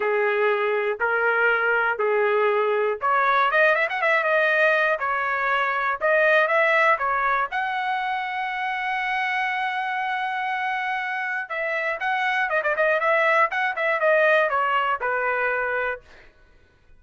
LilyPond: \new Staff \with { instrumentName = "trumpet" } { \time 4/4 \tempo 4 = 120 gis'2 ais'2 | gis'2 cis''4 dis''8 e''16 fis''16 | e''8 dis''4. cis''2 | dis''4 e''4 cis''4 fis''4~ |
fis''1~ | fis''2. e''4 | fis''4 dis''16 d''16 dis''8 e''4 fis''8 e''8 | dis''4 cis''4 b'2 | }